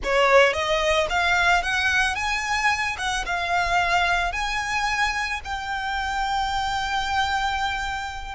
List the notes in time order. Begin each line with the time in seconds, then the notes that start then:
0.03 C#5
0.53 D#5
1.09 F5
1.62 F#5
2.15 G#5
2.97 F#5
3.25 F5
4.32 G#5
5.44 G5